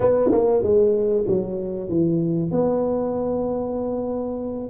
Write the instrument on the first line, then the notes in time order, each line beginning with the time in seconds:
tuba
0.00 B3
0.31 A#3
0.62 G#3
1.27 F#3
1.89 E3
2.51 B3